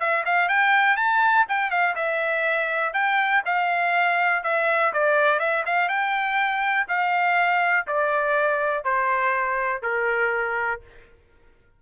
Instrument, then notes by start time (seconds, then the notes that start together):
trumpet
0.00 E5
0.25 F5
0.49 G5
0.97 A5
1.49 G5
1.71 F5
1.96 E5
2.94 G5
3.46 F5
4.44 E5
4.93 D5
5.40 E5
5.66 F5
5.89 G5
6.89 F5
7.87 D5
8.85 C5
9.83 A#4